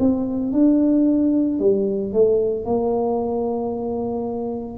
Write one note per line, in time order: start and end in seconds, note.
0.00 0.53 C4
0.53 1.60 D4
1.60 2.13 G3
2.13 2.65 A3
2.65 4.78 A#3